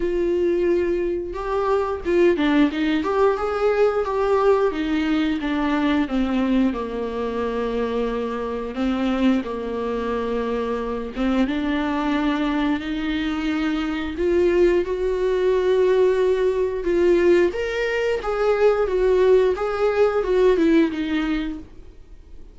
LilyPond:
\new Staff \with { instrumentName = "viola" } { \time 4/4 \tempo 4 = 89 f'2 g'4 f'8 d'8 | dis'8 g'8 gis'4 g'4 dis'4 | d'4 c'4 ais2~ | ais4 c'4 ais2~ |
ais8 c'8 d'2 dis'4~ | dis'4 f'4 fis'2~ | fis'4 f'4 ais'4 gis'4 | fis'4 gis'4 fis'8 e'8 dis'4 | }